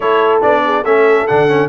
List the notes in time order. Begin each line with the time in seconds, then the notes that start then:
0.00 A3 E4 A4 C#5
0.41 B3 D4 D5
0.64 G#4
0.83 A3 C#4 A4 E5
1.27 D3 D4 F#5
1.48 C#4